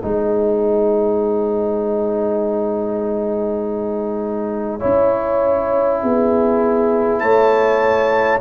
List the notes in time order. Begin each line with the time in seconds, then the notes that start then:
0.00 G#3 D#4 C5 G#5
4.79 C#4 E4 C#5
6.03 B3 G#4
7.19 A3 C#5 A5